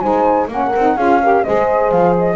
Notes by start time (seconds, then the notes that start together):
0.00 G#3 D#4 C5 G#5
0.47 A#3 C#4 A#4 F#5
0.76 C4 D#4
0.96 C#4 F4 G#4 F5
1.22 G4 A#4
1.43 G#3 G#4 C5 D#5
1.91 F3 F5
2.18 D#5